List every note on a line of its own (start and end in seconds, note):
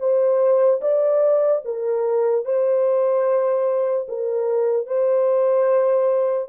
0.00 0.81 C5
0.81 1.63 D5
1.65 2.46 A#4
2.46 4.08 C5
4.09 4.88 A#4
4.88 6.49 C5